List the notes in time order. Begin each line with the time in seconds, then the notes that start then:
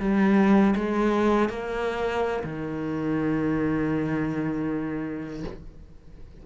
0.00 G3
0.76 G#3
1.50 A#3
2.44 D#3